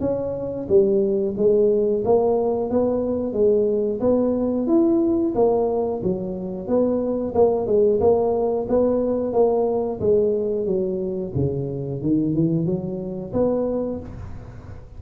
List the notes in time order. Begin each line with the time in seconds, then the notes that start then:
0.00 C#4
0.68 G3
1.36 G#3
2.04 A#3
2.70 B3
3.32 G#3
4.00 B3
4.67 E4
5.35 A#3
6.02 F#3
6.67 B3
7.34 A#3
7.66 G#3
8.00 A#3
8.68 B3
9.33 A#3
10.00 G#3
10.65 F#3
11.35 C#3
12.01 D#3
12.34 E3
12.65 F#3
13.33 B3